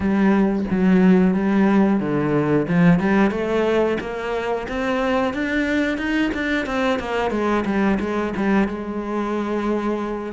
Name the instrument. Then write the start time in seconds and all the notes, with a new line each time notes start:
cello
0.00 G3
0.70 F#3
1.34 G3
2.00 D3
2.68 F3
2.99 G3
3.31 A3
4.00 A#3
4.68 C4
5.33 D4
5.97 D#4
6.33 D4
6.65 C4
6.98 A#3
7.31 G#3
7.65 G3
8.00 G#3
8.36 G3
8.68 G#3